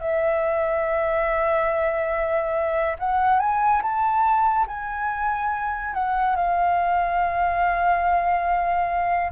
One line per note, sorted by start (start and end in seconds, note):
0.00 2.96 E5
2.99 3.40 F#5
3.40 3.82 G#5
3.82 4.67 A5
4.67 5.93 G#5
5.93 6.36 F#5
6.36 9.31 F5